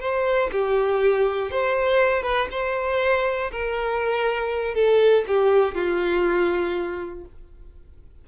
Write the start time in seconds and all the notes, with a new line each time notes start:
0.00 C5
0.51 G4
1.50 C5
2.22 B4
2.50 C5
3.51 A#4
4.74 A4
5.27 G4
5.74 F4